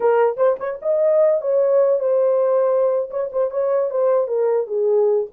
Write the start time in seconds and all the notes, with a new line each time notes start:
0.00 A#4
0.36 C5
0.59 C#5
0.82 D#5
1.41 C#5
1.99 C5
3.10 C#5
3.32 C5
3.50 C#5
3.90 C5
4.27 A#4
4.67 G#4